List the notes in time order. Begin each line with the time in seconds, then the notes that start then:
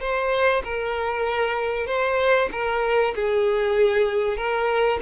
0.00 C5
0.64 A#4
1.86 C5
2.52 A#4
3.15 G#4
4.37 A#4